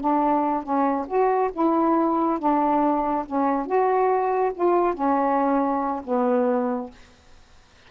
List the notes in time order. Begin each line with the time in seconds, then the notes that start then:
0.00 D4
0.63 C#4
1.07 F#4
1.52 E4
2.39 D4
3.26 C#4
3.66 F#4
4.54 F4
4.94 C#4
6.04 B3